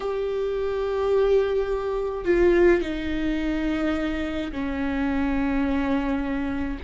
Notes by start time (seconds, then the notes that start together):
0.00 G4
2.25 F4
2.81 D#4
4.51 C#4